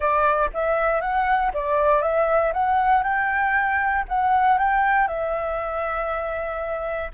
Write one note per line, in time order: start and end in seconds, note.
0.00 0.50 D5
0.53 1.00 E5
1.00 1.51 F#5
1.53 2.02 D5
2.02 2.52 E5
2.53 3.03 F#5
3.03 4.04 G5
4.08 4.58 F#5
4.58 5.07 G5
5.07 7.11 E5